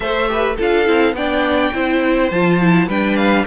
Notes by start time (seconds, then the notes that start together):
0.00 A3 A4 C5 E5
0.28 G4 B4
0.56 D4 F4 A4 F5
0.85 C4 E4
1.12 B3 D4 D5 G5
1.73 C4 E4 C5
2.30 F3 F4 A5
2.60 E4
2.87 G3 D4 B4 G5
3.16 F5